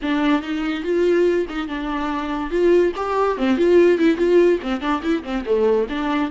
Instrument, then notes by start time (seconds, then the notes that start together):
viola
0.02 D4
0.42 D#4
0.83 F4
1.49 D#4
1.68 D4
2.50 F4
2.96 G4
3.37 C4
3.57 F4
3.98 E4
4.17 F4
4.62 C4
4.80 D4
5.02 E4
5.23 C4
5.45 A3
5.89 D4